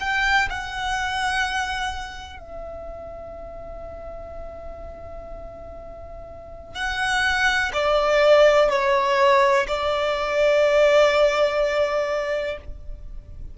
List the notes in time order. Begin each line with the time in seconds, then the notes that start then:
0.00 G5
0.50 F#5
2.39 E5
6.75 F#5
7.73 D5
8.70 C#5
9.67 D5